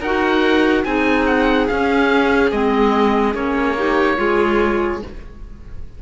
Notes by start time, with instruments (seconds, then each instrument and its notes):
0.00 cello D#4, clarinet F#4, violin A#4, oboe F#5
0.84 cello C4, clarinet D#4, violin G#4, oboe G#5
1.26 oboe F#5
1.67 clarinet C#4, cello C#4, oboe F5
2.51 cello G#3, clarinet C4, oboe D#5
3.34 cello A#3, clarinet C#4, oboe C#5
3.77 clarinet D#4, violin G4
4.17 cello G#3, clarinet F4, violin G#4